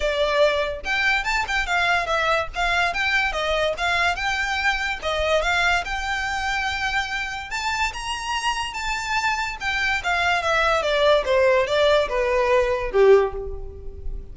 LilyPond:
\new Staff \with { instrumentName = "violin" } { \time 4/4 \tempo 4 = 144 d''2 g''4 a''8 g''8 | f''4 e''4 f''4 g''4 | dis''4 f''4 g''2 | dis''4 f''4 g''2~ |
g''2 a''4 ais''4~ | ais''4 a''2 g''4 | f''4 e''4 d''4 c''4 | d''4 b'2 g'4 | }